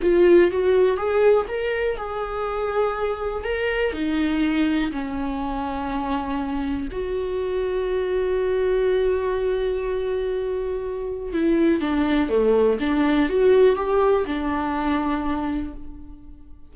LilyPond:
\new Staff \with { instrumentName = "viola" } { \time 4/4 \tempo 4 = 122 f'4 fis'4 gis'4 ais'4 | gis'2. ais'4 | dis'2 cis'2~ | cis'2 fis'2~ |
fis'1~ | fis'2. e'4 | d'4 a4 d'4 fis'4 | g'4 d'2. | }